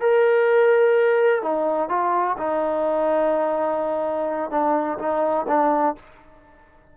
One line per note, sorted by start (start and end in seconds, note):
0.00 1.42 A#4
1.42 1.89 D#4
1.89 2.36 F4
2.38 4.51 D#4
4.51 4.98 D4
4.98 5.46 D#4
5.48 5.95 D4